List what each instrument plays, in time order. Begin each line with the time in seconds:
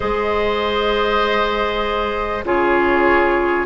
0.00 bassoon G#3, clarinet G#4, oboe C5, flute D#5
2.44 bassoon C#3, clarinet F4, oboe G#4, flute C#5